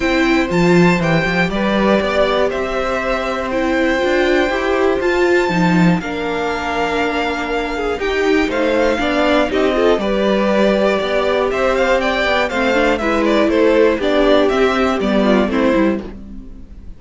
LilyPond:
<<
  \new Staff \with { instrumentName = "violin" } { \time 4/4 \tempo 4 = 120 g''4 a''4 g''4 d''4~ | d''4 e''2 g''4~ | g''2 a''2 | f''1 |
g''4 f''2 dis''4 | d''2. e''8 f''8 | g''4 f''4 e''8 d''8 c''4 | d''4 e''4 d''4 c''4 | }
  \new Staff \with { instrumentName = "violin" } { \time 4/4 c''2. b'4 | d''4 c''2.~ | c''1 | ais'2.~ ais'8 gis'8 |
g'4 c''4 d''4 g'8 a'8 | b'2 d''4 c''4 | d''4 c''4 b'4 a'4 | g'2~ g'8 f'8 e'4 | }
  \new Staff \with { instrumentName = "viola" } { \time 4/4 e'4 f'4 g'2~ | g'2. e'4 | f'4 g'4 f'4 dis'4 | d'1 |
dis'2 d'4 dis'8 f'8 | g'1~ | g'4 c'8 d'8 e'2 | d'4 c'4 b4 c'8 e'8 | }
  \new Staff \with { instrumentName = "cello" } { \time 4/4 c'4 f4 e8 f8 g4 | b4 c'2. | d'4 e'4 f'4 f4 | ais1 |
dis'4 a4 b4 c'4 | g2 b4 c'4~ | c'8 b8 a4 gis4 a4 | b4 c'4 g4 a8 g8 | }
>>